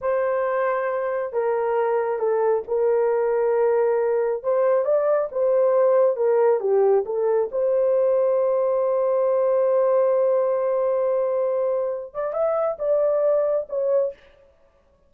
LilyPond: \new Staff \with { instrumentName = "horn" } { \time 4/4 \tempo 4 = 136 c''2. ais'4~ | ais'4 a'4 ais'2~ | ais'2 c''4 d''4 | c''2 ais'4 g'4 |
a'4 c''2.~ | c''1~ | c''2.~ c''8 d''8 | e''4 d''2 cis''4 | }